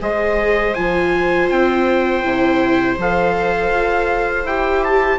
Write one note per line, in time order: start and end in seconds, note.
0.00 0.75 G#3
0.00 0.74 G#4
0.00 5.18 C5
0.00 0.74 D#5
0.74 1.50 F3
0.74 2.23 F4
0.74 1.48 G#5
1.49 2.23 C4
1.49 2.97 G5
2.23 2.97 C3
2.23 2.98 E4
2.97 3.70 F3
2.97 4.48 A4
2.97 4.46 F5
3.70 4.43 F4
4.43 5.17 E4
4.43 5.18 G4
4.43 4.83 G5
4.84 5.18 A5